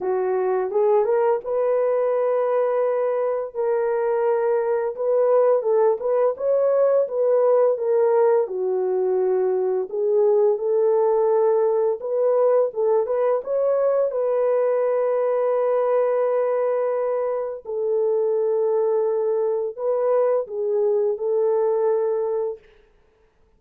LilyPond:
\new Staff \with { instrumentName = "horn" } { \time 4/4 \tempo 4 = 85 fis'4 gis'8 ais'8 b'2~ | b'4 ais'2 b'4 | a'8 b'8 cis''4 b'4 ais'4 | fis'2 gis'4 a'4~ |
a'4 b'4 a'8 b'8 cis''4 | b'1~ | b'4 a'2. | b'4 gis'4 a'2 | }